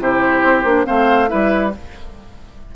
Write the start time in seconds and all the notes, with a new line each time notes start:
0.00 C3 E4 G4 C5
0.44 C4
0.64 A#3 D4
0.85 A3 C4 C5 F5
1.28 G3 E4 B4 E5